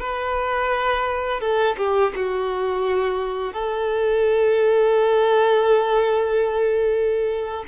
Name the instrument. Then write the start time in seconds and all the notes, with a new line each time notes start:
violin
0.00 B4
1.41 A4
1.78 G4
2.16 F#4
3.54 A4